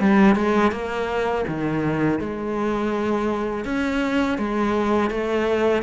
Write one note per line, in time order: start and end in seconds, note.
0.00 0.36 G3
0.36 0.72 G#3
0.72 1.45 A#3
1.48 2.20 D#3
2.20 3.65 G#3
3.65 4.38 C#4
4.38 5.10 G#3
5.10 5.83 A3